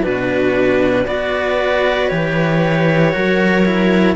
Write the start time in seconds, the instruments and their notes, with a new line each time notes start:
0.00 cello B2 D4, viola F#4, clarinet B4
1.06 cello B3 F#4, viola B4, clarinet D5
2.08 cello E3 G4, clarinet C#5
3.12 cello F#3 F#4, viola A#4
3.65 cello E4